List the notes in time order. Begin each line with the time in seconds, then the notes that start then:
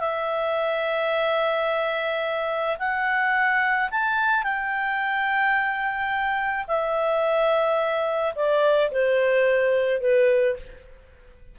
0.00 E5
2.79 F#5
3.91 A5
4.44 G5
6.68 E5
8.36 D5
8.91 C5
10.01 B4